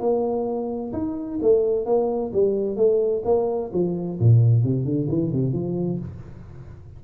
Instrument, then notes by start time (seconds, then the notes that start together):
tuba
0.00 A#3
0.93 D#4
1.42 A3
1.86 A#3
2.33 G3
2.76 A3
3.25 A#3
3.73 F3
4.20 A#2
4.63 C3
4.85 D3
5.09 E3
5.33 C3
5.53 F3